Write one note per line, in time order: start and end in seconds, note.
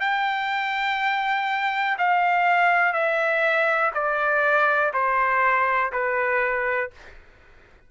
0.00 1.97 G5
1.98 2.93 F5
2.93 3.91 E5
3.94 4.92 D5
4.93 5.91 C5
5.92 6.90 B4